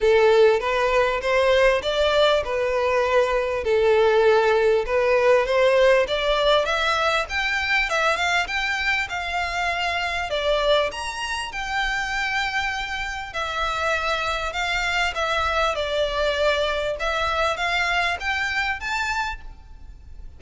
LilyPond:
\new Staff \with { instrumentName = "violin" } { \time 4/4 \tempo 4 = 99 a'4 b'4 c''4 d''4 | b'2 a'2 | b'4 c''4 d''4 e''4 | g''4 e''8 f''8 g''4 f''4~ |
f''4 d''4 ais''4 g''4~ | g''2 e''2 | f''4 e''4 d''2 | e''4 f''4 g''4 a''4 | }